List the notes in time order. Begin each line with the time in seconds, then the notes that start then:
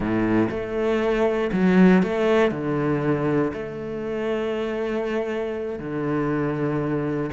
0.00 A2
0.50 A3
1.52 F#3
2.02 A3
2.51 D3
3.53 A3
5.79 D3